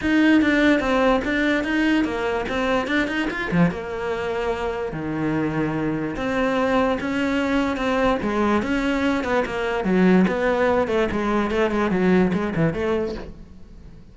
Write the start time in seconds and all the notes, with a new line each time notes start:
0.01 D#4
0.41 D4
0.79 C4
1.24 D4
1.63 D#4
2.04 A#3
2.48 C4
2.87 D4
3.07 D#4
3.30 F4
3.51 F3
3.70 A#3
4.92 D#3
6.16 C4
7.00 C#4
7.76 C4
8.22 G#3
8.62 C#4
9.24 B3
9.45 A#3
9.84 F#3
10.27 B3
10.87 A3
11.11 G#3
11.50 A3
11.70 G#3
11.90 F#3
12.33 G#3
12.55 E3
12.73 A3